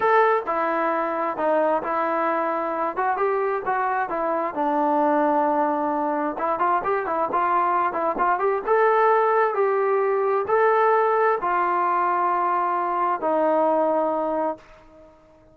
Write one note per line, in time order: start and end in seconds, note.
0.00 0.42 A4
0.46 1.37 E4
1.37 1.82 D#4
1.82 2.96 E4
2.96 3.17 F#4
3.17 3.62 G4
3.65 4.09 F#4
4.09 4.54 E4
4.54 6.36 D4
6.38 6.59 E4
6.59 6.82 F4
6.83 7.06 G4
7.06 7.29 E4
7.32 7.93 F4
7.93 8.15 E4
8.18 8.39 F4
8.39 8.61 G4
8.66 9.54 A4
9.54 10.45 G4
10.47 11.38 A4
11.41 13.20 F4
13.20 14.57 D#4